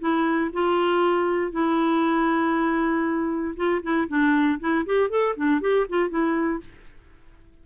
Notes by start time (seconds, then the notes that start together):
0.00 E4
0.53 F4
1.52 E4
3.56 F4
3.83 E4
4.09 D4
4.60 E4
4.86 G4
5.10 A4
5.37 D4
5.61 G4
5.89 F4
6.10 E4